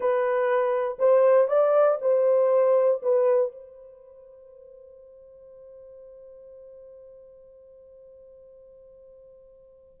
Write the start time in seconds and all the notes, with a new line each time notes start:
0.00 B4
0.99 C5
1.47 D5
2.01 C5
3.02 B4
3.51 C5